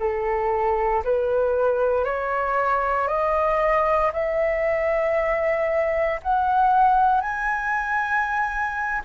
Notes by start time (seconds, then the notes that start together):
0.00 A4
1.04 B4
2.05 C#5
3.08 D#5
4.13 E5
6.23 F#5
7.21 G#5